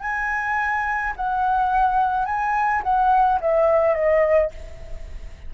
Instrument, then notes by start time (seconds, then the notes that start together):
flute
0.00 G#5
1.16 F#5
2.25 G#5
2.83 F#5
3.40 E5
3.94 D#5